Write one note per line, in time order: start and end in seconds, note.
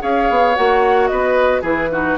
0.00 0.30 C#4
0.00 0.54 G#4
0.00 1.10 C#5
0.00 0.56 F5
0.30 0.57 B3
0.55 1.11 A#3
0.55 1.64 F#4
0.55 1.07 F#5
1.07 1.62 B3
1.07 1.62 B4
1.07 1.61 D#5
1.62 2.16 E3
1.62 1.91 E4
1.62 1.89 G#4
1.62 2.18 B4
1.92 2.18 D#4
1.92 2.18 F#4